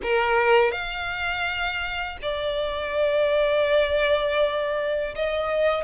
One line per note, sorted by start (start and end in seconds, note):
0.03 0.71 A#4
0.71 2.18 F5
2.22 5.15 D5
5.15 5.84 D#5